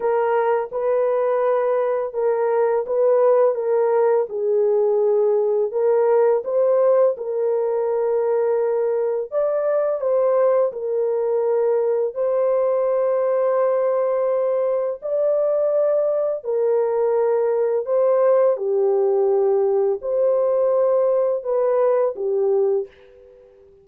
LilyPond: \new Staff \with { instrumentName = "horn" } { \time 4/4 \tempo 4 = 84 ais'4 b'2 ais'4 | b'4 ais'4 gis'2 | ais'4 c''4 ais'2~ | ais'4 d''4 c''4 ais'4~ |
ais'4 c''2.~ | c''4 d''2 ais'4~ | ais'4 c''4 g'2 | c''2 b'4 g'4 | }